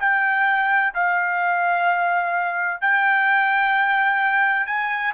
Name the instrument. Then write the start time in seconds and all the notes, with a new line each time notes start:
trumpet
0.00 G5
0.95 F5
2.82 G5
4.67 G#5